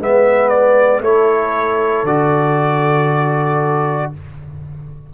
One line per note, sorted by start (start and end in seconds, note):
0.00 1.00 G#3
0.00 1.04 B3
0.00 1.02 B4
0.00 0.49 E5
0.49 1.01 D5
1.00 2.03 A3
1.00 2.07 E4
1.00 4.12 A4
1.00 2.06 C#5
2.03 4.10 D3
2.03 4.14 F#4
2.03 4.13 D5